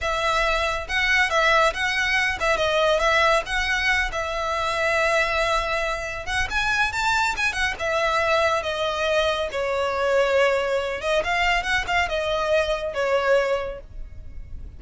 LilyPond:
\new Staff \with { instrumentName = "violin" } { \time 4/4 \tempo 4 = 139 e''2 fis''4 e''4 | fis''4. e''8 dis''4 e''4 | fis''4. e''2~ e''8~ | e''2~ e''8 fis''8 gis''4 |
a''4 gis''8 fis''8 e''2 | dis''2 cis''2~ | cis''4. dis''8 f''4 fis''8 f''8 | dis''2 cis''2 | }